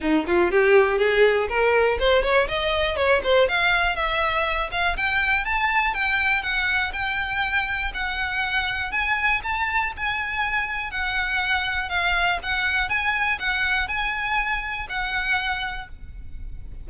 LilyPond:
\new Staff \with { instrumentName = "violin" } { \time 4/4 \tempo 4 = 121 dis'8 f'8 g'4 gis'4 ais'4 | c''8 cis''8 dis''4 cis''8 c''8 f''4 | e''4. f''8 g''4 a''4 | g''4 fis''4 g''2 |
fis''2 gis''4 a''4 | gis''2 fis''2 | f''4 fis''4 gis''4 fis''4 | gis''2 fis''2 | }